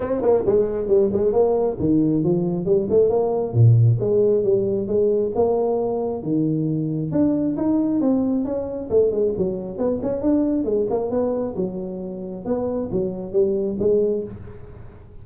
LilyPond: \new Staff \with { instrumentName = "tuba" } { \time 4/4 \tempo 4 = 135 c'8 ais8 gis4 g8 gis8 ais4 | dis4 f4 g8 a8 ais4 | ais,4 gis4 g4 gis4 | ais2 dis2 |
d'4 dis'4 c'4 cis'4 | a8 gis8 fis4 b8 cis'8 d'4 | gis8 ais8 b4 fis2 | b4 fis4 g4 gis4 | }